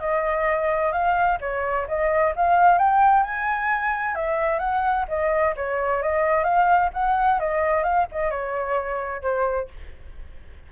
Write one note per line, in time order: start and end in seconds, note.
0.00 0.92 D#5
0.92 1.38 F5
1.41 1.87 C#5
1.88 2.34 D#5
2.36 2.79 F5
2.79 3.23 G5
3.23 4.15 G#5
4.15 4.59 E5
4.59 5.05 F#5
5.09 5.55 D#5
5.56 6.03 C#5
6.03 6.44 D#5
6.44 6.90 F5
6.94 7.40 F#5
7.40 7.84 D#5
7.84 8.07 F5
8.12 8.31 D#5
8.31 9.22 C#5
9.22 9.68 C5